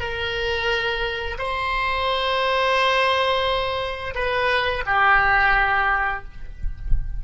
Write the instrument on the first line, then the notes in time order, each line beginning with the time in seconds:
oboe
0.00 A#4
1.39 C5
4.15 B4
4.87 G4